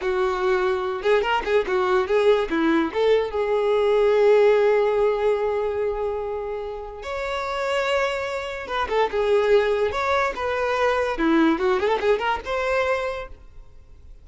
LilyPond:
\new Staff \with { instrumentName = "violin" } { \time 4/4 \tempo 4 = 145 fis'2~ fis'8 gis'8 ais'8 gis'8 | fis'4 gis'4 e'4 a'4 | gis'1~ | gis'1~ |
gis'4 cis''2.~ | cis''4 b'8 a'8 gis'2 | cis''4 b'2 e'4 | fis'8 gis'16 a'16 gis'8 ais'8 c''2 | }